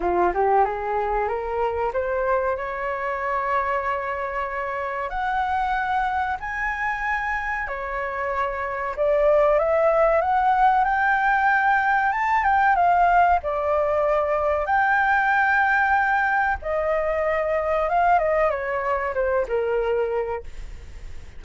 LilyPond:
\new Staff \with { instrumentName = "flute" } { \time 4/4 \tempo 4 = 94 f'8 g'8 gis'4 ais'4 c''4 | cis''1 | fis''2 gis''2 | cis''2 d''4 e''4 |
fis''4 g''2 a''8 g''8 | f''4 d''2 g''4~ | g''2 dis''2 | f''8 dis''8 cis''4 c''8 ais'4. | }